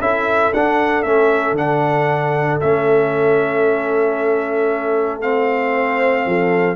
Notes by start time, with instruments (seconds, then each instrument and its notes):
0.00 tuba C#4, trombone E4, horn A4, trumpet E5
0.53 tuba D4, trombone D4, trumpet F#5
1.02 tuba A3, trombone C#4, trumpet E5
1.52 tuba D3, trombone D4, trumpet F#5
2.60 tuba A3, trombone C#4, trumpet E5
5.21 trombone C4, trumpet F5
5.74 horn C5
6.26 tuba F3, horn A4